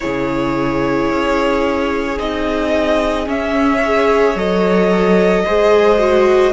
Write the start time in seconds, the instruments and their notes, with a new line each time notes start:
0.00 cello C#3, viola E4, violin G#4 C#5
1.10 cello C#4
2.17 cello C4, viola D#4, violin D#5
3.26 viola C#4, cello C#4, violin E5
3.78 viola G#4, violin C#5
4.35 cello F#3, viola A4, violin D#5
5.44 cello G#3, viola G#4, violin C5
5.97 viola F#4